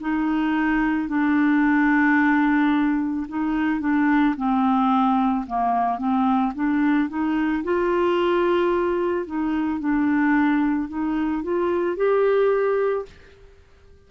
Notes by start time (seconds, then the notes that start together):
0.00 D#4
1.08 D4
3.28 D#4
3.80 D4
4.36 C4
5.46 A#3
5.98 C4
6.55 D4
7.09 D#4
7.64 F4
9.26 D#4
9.80 D4
10.88 D#4
11.42 F4
11.96 G4